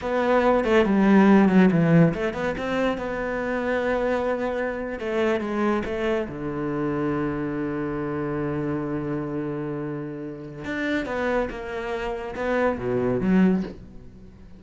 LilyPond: \new Staff \with { instrumentName = "cello" } { \time 4/4 \tempo 4 = 141 b4. a8 g4. fis8 | e4 a8 b8 c'4 b4~ | b2.~ b8. a16~ | a8. gis4 a4 d4~ d16~ |
d1~ | d1~ | d4 d'4 b4 ais4~ | ais4 b4 b,4 fis4 | }